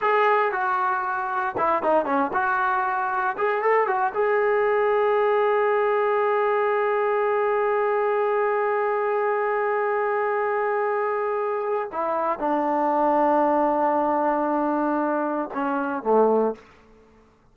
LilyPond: \new Staff \with { instrumentName = "trombone" } { \time 4/4 \tempo 4 = 116 gis'4 fis'2 e'8 dis'8 | cis'8 fis'2 gis'8 a'8 fis'8 | gis'1~ | gis'1~ |
gis'1~ | gis'2. e'4 | d'1~ | d'2 cis'4 a4 | }